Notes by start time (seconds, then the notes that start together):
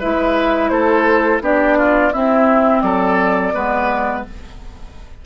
0.00 G#3 E4 B4 E5
0.69 A3 A4 C5
1.41 B3 D4 G4 D5
1.78 F4
2.13 C4 E4 E5
2.81 F#3 A4 D5
3.54 G#3 B3 B4